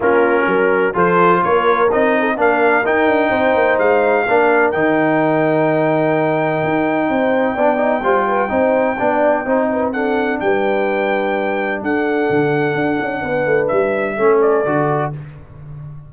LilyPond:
<<
  \new Staff \with { instrumentName = "trumpet" } { \time 4/4 \tempo 4 = 127 ais'2 c''4 cis''4 | dis''4 f''4 g''2 | f''2 g''2~ | g''1~ |
g''1~ | g''4 fis''4 g''2~ | g''4 fis''2.~ | fis''4 e''4. d''4. | }
  \new Staff \with { instrumentName = "horn" } { \time 4/4 f'4 ais'4 a'4 ais'4~ | ais'8. a'16 ais'2 c''4~ | c''4 ais'2.~ | ais'2. c''4 |
d''4 c''8 b'8 c''4 d''4 | c''8 b'8 a'4 b'2~ | b'4 a'2. | b'2 a'2 | }
  \new Staff \with { instrumentName = "trombone" } { \time 4/4 cis'2 f'2 | dis'4 d'4 dis'2~ | dis'4 d'4 dis'2~ | dis'1 |
d'8 dis'8 f'4 dis'4 d'4 | dis'4 d'2.~ | d'1~ | d'2 cis'4 fis'4 | }
  \new Staff \with { instrumentName = "tuba" } { \time 4/4 ais4 fis4 f4 ais4 | c'4 ais4 dis'8 d'8 c'8 ais8 | gis4 ais4 dis2~ | dis2 dis'4 c'4 |
b4 g4 c'4 b4 | c'2 g2~ | g4 d'4 d4 d'8 cis'8 | b8 a8 g4 a4 d4 | }
>>